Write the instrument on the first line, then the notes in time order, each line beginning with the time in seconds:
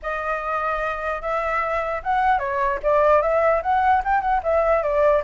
flute
0.02 D#5
1.21 E5
2.03 F#5
2.39 C#5
2.83 D5
3.21 E5
3.62 F#5
4.04 G5
4.21 F#5
4.43 E5
4.82 D5